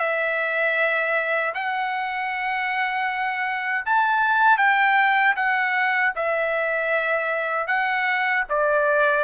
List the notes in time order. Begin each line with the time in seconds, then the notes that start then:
0.00 E5
1.55 F#5
3.86 A5
4.58 G5
5.36 F#5
6.16 E5
7.67 F#5
8.49 D5